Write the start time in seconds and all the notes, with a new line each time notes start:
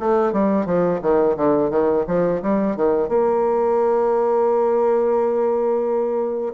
0.00 A3
0.33 G3
0.66 F3
1.02 D#3
1.37 D3
1.71 D#3
2.08 F3
2.43 G3
2.76 D#3
3.09 A#3